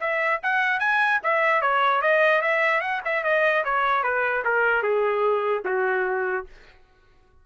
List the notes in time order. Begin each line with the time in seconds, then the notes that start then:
0.00 E5
0.43 F#5
0.80 G#5
1.23 E5
1.62 C#5
2.02 D#5
2.42 E5
2.81 F#5
3.05 E5
3.24 D#5
3.65 C#5
4.03 B4
4.45 A#4
4.83 G#4
5.65 F#4